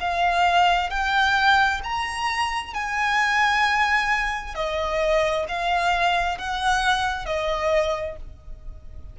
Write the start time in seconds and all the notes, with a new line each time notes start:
0.00 F5
0.90 G5
1.83 A#5
2.74 G#5
4.55 D#5
5.48 F5
6.38 F#5
7.25 D#5